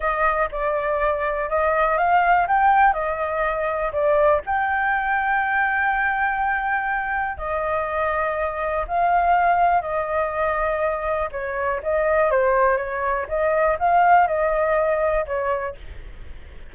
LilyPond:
\new Staff \with { instrumentName = "flute" } { \time 4/4 \tempo 4 = 122 dis''4 d''2 dis''4 | f''4 g''4 dis''2 | d''4 g''2.~ | g''2. dis''4~ |
dis''2 f''2 | dis''2. cis''4 | dis''4 c''4 cis''4 dis''4 | f''4 dis''2 cis''4 | }